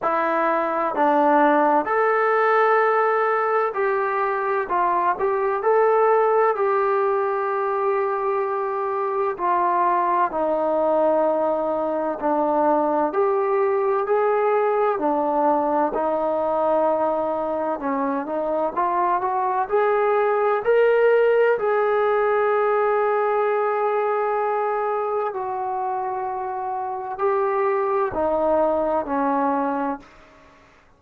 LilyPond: \new Staff \with { instrumentName = "trombone" } { \time 4/4 \tempo 4 = 64 e'4 d'4 a'2 | g'4 f'8 g'8 a'4 g'4~ | g'2 f'4 dis'4~ | dis'4 d'4 g'4 gis'4 |
d'4 dis'2 cis'8 dis'8 | f'8 fis'8 gis'4 ais'4 gis'4~ | gis'2. fis'4~ | fis'4 g'4 dis'4 cis'4 | }